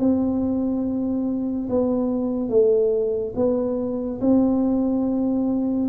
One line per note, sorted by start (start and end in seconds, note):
0.00 1.69 C4
1.70 2.50 B3
2.50 3.34 A3
3.36 4.21 B3
4.21 5.90 C4